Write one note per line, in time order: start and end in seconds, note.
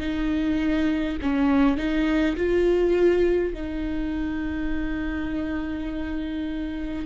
0.00 1.18 D#4
1.22 1.78 C#4
1.78 2.36 D#4
2.36 3.54 F4
3.54 7.06 D#4